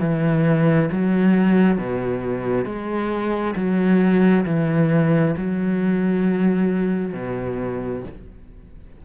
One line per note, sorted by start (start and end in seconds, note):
0.00 0.90 E3
0.92 1.78 F#3
1.78 2.66 B2
2.66 3.55 G#3
3.56 4.46 F#3
4.46 5.35 E3
5.37 7.14 F#3
7.14 8.04 B2